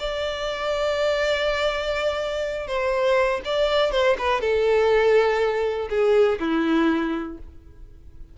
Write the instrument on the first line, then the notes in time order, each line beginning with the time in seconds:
violin
0.00 D5
2.67 C5
3.45 D5
3.92 C5
4.19 B4
4.41 A4
5.90 G#4
6.40 E4